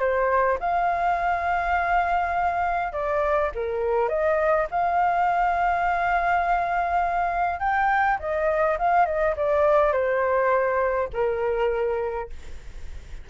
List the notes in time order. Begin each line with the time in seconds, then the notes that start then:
0.00 C5
0.60 F5
2.93 D5
3.55 A#4
4.09 D#5
4.71 F5
7.60 G5
8.20 D#5
8.79 F5
9.06 D#5
9.37 D5
9.93 C5
11.13 A#4